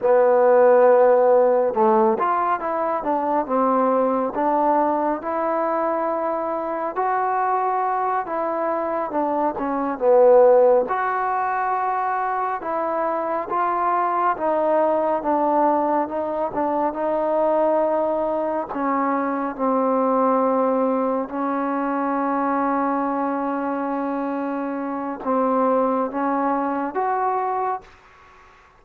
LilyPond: \new Staff \with { instrumentName = "trombone" } { \time 4/4 \tempo 4 = 69 b2 a8 f'8 e'8 d'8 | c'4 d'4 e'2 | fis'4. e'4 d'8 cis'8 b8~ | b8 fis'2 e'4 f'8~ |
f'8 dis'4 d'4 dis'8 d'8 dis'8~ | dis'4. cis'4 c'4.~ | c'8 cis'2.~ cis'8~ | cis'4 c'4 cis'4 fis'4 | }